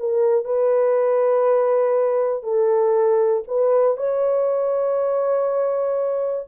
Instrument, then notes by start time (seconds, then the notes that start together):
horn
0.00 A#4
0.45 B4
2.43 A4
3.48 B4
3.97 C#5